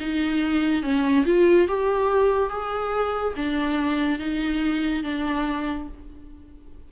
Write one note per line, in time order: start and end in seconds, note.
0.00 0.83 D#4
0.83 1.25 C#4
1.26 1.68 F4
1.68 2.50 G4
2.50 3.34 G#4
3.36 4.19 D4
4.19 5.04 D#4
5.04 5.88 D4